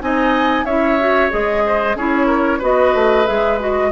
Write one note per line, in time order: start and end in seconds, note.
0.00 0.64 C4
0.00 0.65 D#4
0.00 0.65 D#5
0.00 0.65 G#5
0.64 1.29 C#4
0.64 0.99 E4
0.64 1.63 C#5
0.64 1.30 E5
0.99 1.29 F#4
1.29 1.95 G#3
1.29 1.95 G#4
1.29 1.96 D#5
1.66 1.96 C5
1.95 2.60 C#4
1.95 2.60 E4
1.95 2.26 G#4
1.95 2.62 C#5
2.26 2.58 A#4
2.58 2.94 B3
2.58 3.25 F#4
2.58 3.89 B4
2.58 3.27 D#5
2.94 3.27 A3
3.26 3.91 G#3
3.26 3.58 G#4
3.26 3.59 E5
3.59 3.91 F#4
3.59 3.91 D#5